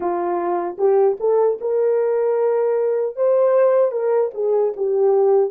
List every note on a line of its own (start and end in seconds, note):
0.00 0.76 F4
0.78 1.17 G4
1.19 1.59 A4
1.60 3.16 A#4
3.16 3.91 C5
3.91 4.31 A#4
4.34 4.73 G#4
4.76 5.50 G4